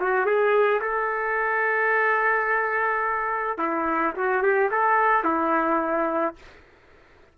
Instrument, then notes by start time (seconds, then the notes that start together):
trumpet
0.00 F#4
0.25 G#4
0.81 A4
3.58 E4
4.16 F#4
4.42 G4
4.71 A4
5.23 E4